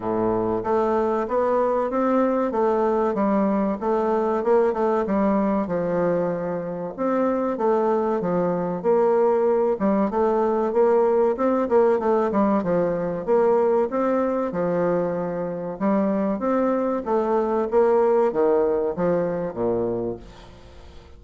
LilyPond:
\new Staff \with { instrumentName = "bassoon" } { \time 4/4 \tempo 4 = 95 a,4 a4 b4 c'4 | a4 g4 a4 ais8 a8 | g4 f2 c'4 | a4 f4 ais4. g8 |
a4 ais4 c'8 ais8 a8 g8 | f4 ais4 c'4 f4~ | f4 g4 c'4 a4 | ais4 dis4 f4 ais,4 | }